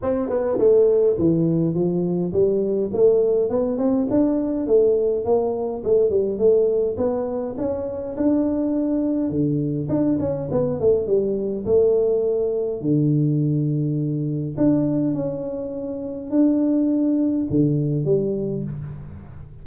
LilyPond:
\new Staff \with { instrumentName = "tuba" } { \time 4/4 \tempo 4 = 103 c'8 b8 a4 e4 f4 | g4 a4 b8 c'8 d'4 | a4 ais4 a8 g8 a4 | b4 cis'4 d'2 |
d4 d'8 cis'8 b8 a8 g4 | a2 d2~ | d4 d'4 cis'2 | d'2 d4 g4 | }